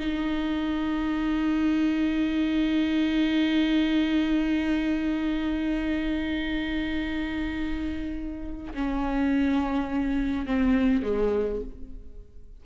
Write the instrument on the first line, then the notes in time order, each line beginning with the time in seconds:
viola
0.00 D#4
8.75 C#4
10.46 C4
11.03 G#3